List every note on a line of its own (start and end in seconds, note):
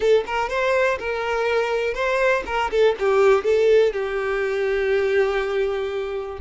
0.00 0.24 A4
0.26 0.49 A#4
0.49 0.98 C5
0.99 1.94 A#4
1.94 2.43 C5
2.46 2.70 A#4
2.70 2.95 A4
2.99 3.44 G4
3.44 3.92 A4
3.92 6.38 G4